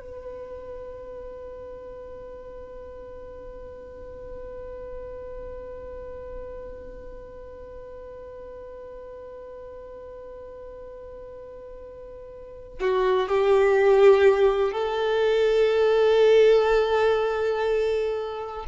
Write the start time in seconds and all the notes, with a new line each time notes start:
0.00 B4
12.80 F#4
13.28 G4
14.72 A4